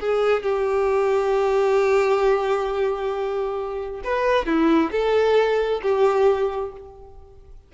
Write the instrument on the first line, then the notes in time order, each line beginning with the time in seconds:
violin
0.00 G#4
0.43 G4
4.04 B4
4.46 E4
4.92 A4
5.82 G4